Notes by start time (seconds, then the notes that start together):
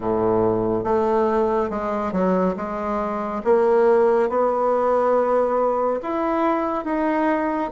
0.00 A2
0.84 A3
1.69 G#3
2.12 F#3
2.56 G#3
3.44 A#3
4.29 B3
6.02 E4
6.84 D#4